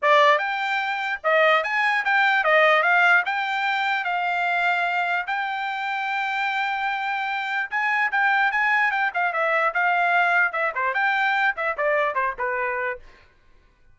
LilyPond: \new Staff \with { instrumentName = "trumpet" } { \time 4/4 \tempo 4 = 148 d''4 g''2 dis''4 | gis''4 g''4 dis''4 f''4 | g''2 f''2~ | f''4 g''2.~ |
g''2. gis''4 | g''4 gis''4 g''8 f''8 e''4 | f''2 e''8 c''8 g''4~ | g''8 e''8 d''4 c''8 b'4. | }